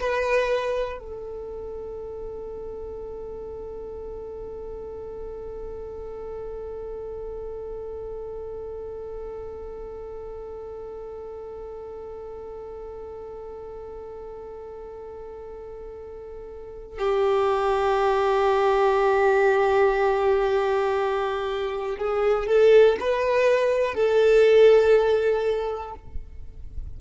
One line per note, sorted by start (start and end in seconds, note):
0.00 1.00 B4
1.00 16.99 A4
16.99 21.98 G4
21.98 22.47 G#4
22.47 22.97 A4
23.00 23.95 B4
23.95 25.95 A4